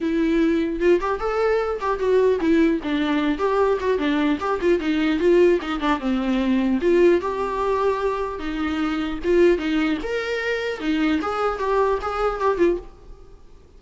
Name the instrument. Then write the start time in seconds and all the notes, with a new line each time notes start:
viola
0.00 E4
0.79 F4
1.00 G4
1.19 A4
1.80 G4
1.99 F#4
2.40 E4
2.83 D4
3.38 G4
3.80 F#4
3.98 D4
4.39 G4
4.61 F4
4.79 D#4
5.19 F4
5.61 D#4
5.80 D4
5.99 C4
6.81 F4
7.20 G4
8.39 D#4
9.24 F4
9.58 D#4
10.02 A#4
10.80 D#4
11.21 G#4
11.58 G4
12.01 G#4
12.40 G4
12.57 F4